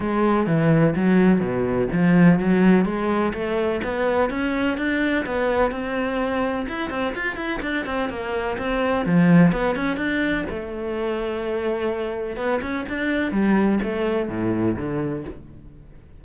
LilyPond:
\new Staff \with { instrumentName = "cello" } { \time 4/4 \tempo 4 = 126 gis4 e4 fis4 b,4 | f4 fis4 gis4 a4 | b4 cis'4 d'4 b4 | c'2 e'8 c'8 f'8 e'8 |
d'8 c'8 ais4 c'4 f4 | b8 cis'8 d'4 a2~ | a2 b8 cis'8 d'4 | g4 a4 a,4 d4 | }